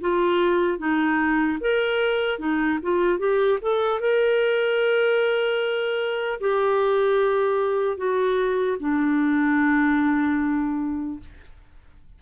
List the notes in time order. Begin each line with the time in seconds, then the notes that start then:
0.00 F4
0.78 D#4
1.60 A#4
2.39 D#4
2.82 F4
3.18 G4
3.61 A4
4.00 A#4
6.40 G4
7.97 F#4
8.79 D4